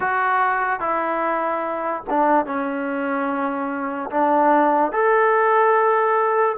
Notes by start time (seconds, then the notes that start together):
0.00 F#4
0.80 E4
2.09 D4
2.45 C#4
4.10 D4
4.92 A4